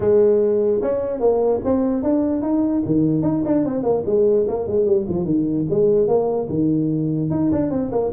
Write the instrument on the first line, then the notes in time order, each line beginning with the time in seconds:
tuba
0.00 G#3
0.82 C#4
1.20 A#3
1.64 C4
2.03 D4
2.41 D#4
2.85 D#3
3.22 D#4
3.45 D4
3.65 C4
3.83 A#3
4.06 G#3
4.48 A#3
4.67 G#3
4.85 G3
5.08 F3
5.24 D#3
5.70 G#3
6.07 A#3
6.49 D#3
7.30 D#4
7.51 D4
7.70 C4
7.91 A#3